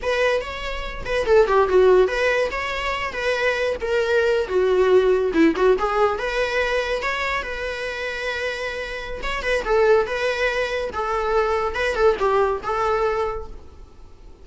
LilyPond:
\new Staff \with { instrumentName = "viola" } { \time 4/4 \tempo 4 = 143 b'4 cis''4. b'8 a'8 g'8 | fis'4 b'4 cis''4. b'8~ | b'4 ais'4.~ ais'16 fis'4~ fis'16~ | fis'8. e'8 fis'8 gis'4 b'4~ b'16~ |
b'8. cis''4 b'2~ b'16~ | b'2 cis''8 b'8 a'4 | b'2 a'2 | b'8 a'8 g'4 a'2 | }